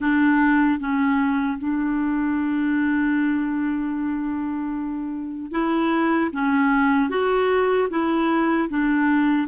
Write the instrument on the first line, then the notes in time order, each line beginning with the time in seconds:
clarinet
0.00 D4
0.79 C#4
1.58 D4
5.51 E4
6.33 C#4
7.09 F#4
7.89 E4
8.69 D4